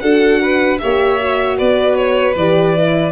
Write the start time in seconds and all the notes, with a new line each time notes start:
0.00 D4 F#4 A4 F#5
0.41 B4
0.79 A#3 G4 C#5 E5
1.19 F#4
1.58 B3 B4 D5
1.95 C#5
2.35 E3 G4 D5
2.77 E4